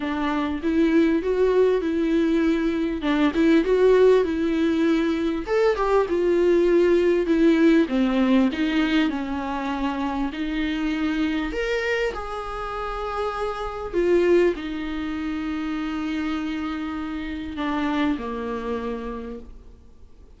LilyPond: \new Staff \with { instrumentName = "viola" } { \time 4/4 \tempo 4 = 99 d'4 e'4 fis'4 e'4~ | e'4 d'8 e'8 fis'4 e'4~ | e'4 a'8 g'8 f'2 | e'4 c'4 dis'4 cis'4~ |
cis'4 dis'2 ais'4 | gis'2. f'4 | dis'1~ | dis'4 d'4 ais2 | }